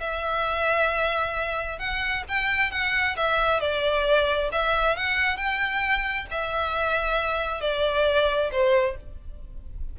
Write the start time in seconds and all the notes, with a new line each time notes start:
0.00 E5
1.79 F#5
2.28 G5
2.71 F#5
3.16 E5
3.60 D5
4.52 E5
4.96 F#5
5.36 G5
6.31 E5
7.61 D5
8.51 C5